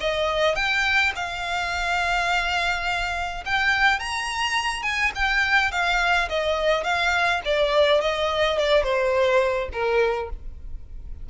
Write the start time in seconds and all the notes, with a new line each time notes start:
0.00 D#5
0.55 G5
1.15 F5
3.45 G5
3.99 A#5
4.83 G#5
5.15 G5
5.71 F5
6.29 D#5
6.84 F5
7.45 D5
8.01 D#5
8.58 D5
8.83 C5
9.72 A#4